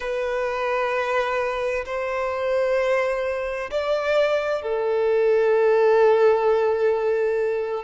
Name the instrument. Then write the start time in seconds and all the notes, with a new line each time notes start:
violin
0.00 B4
1.85 C5
3.70 D5
4.62 A4